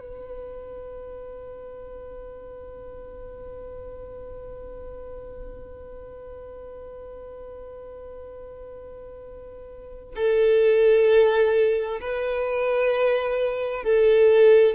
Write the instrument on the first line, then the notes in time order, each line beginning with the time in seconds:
violin
0.00 B4
10.16 A4
12.01 B4
13.84 A4